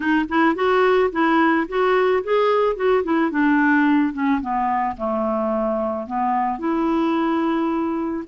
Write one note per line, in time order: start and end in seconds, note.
0.00 0.25 D#4
0.28 0.55 E4
0.55 1.10 F#4
1.12 1.67 E4
1.68 2.23 F#4
2.23 2.75 G#4
2.75 3.03 F#4
3.03 3.30 E4
3.30 4.13 D4
4.13 4.40 C#4
4.41 4.96 B3
4.96 6.06 A3
6.06 6.58 B3
6.58 8.23 E4